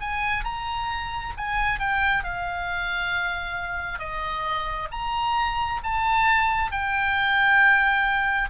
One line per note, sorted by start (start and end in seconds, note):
0.00 0.44 G#5
0.44 1.34 A#5
1.37 1.79 G#5
1.79 2.23 G5
2.23 3.99 F5
3.99 4.88 D#5
4.91 5.81 A#5
5.83 6.71 A5
6.71 8.50 G5